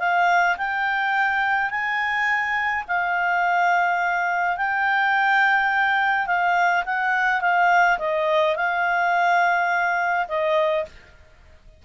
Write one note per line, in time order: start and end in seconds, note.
0.00 0.57 F5
0.58 1.70 G5
1.70 2.85 G#5
2.88 4.57 F5
4.57 6.27 G5
6.27 6.84 F5
6.86 7.41 F#5
7.41 7.98 F5
7.99 8.56 D#5
8.56 10.28 F5
10.29 10.86 D#5